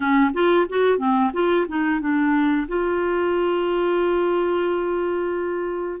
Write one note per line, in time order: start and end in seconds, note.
0.00 0.30 C#4
0.33 0.66 F4
0.69 0.98 F#4
0.98 1.31 C4
1.33 1.66 F4
1.68 2.00 D#4
2.00 2.67 D4
2.68 6.00 F4